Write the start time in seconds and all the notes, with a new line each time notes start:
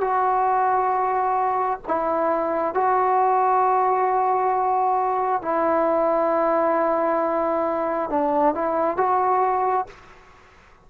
0.00 F#4
1.87 E4
2.74 F#4
5.41 E4
8.10 D4
8.54 E4
8.97 F#4